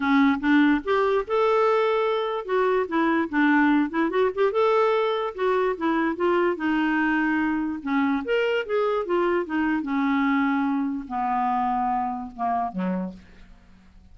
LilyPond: \new Staff \with { instrumentName = "clarinet" } { \time 4/4 \tempo 4 = 146 cis'4 d'4 g'4 a'4~ | a'2 fis'4 e'4 | d'4. e'8 fis'8 g'8 a'4~ | a'4 fis'4 e'4 f'4 |
dis'2. cis'4 | ais'4 gis'4 f'4 dis'4 | cis'2. b4~ | b2 ais4 fis4 | }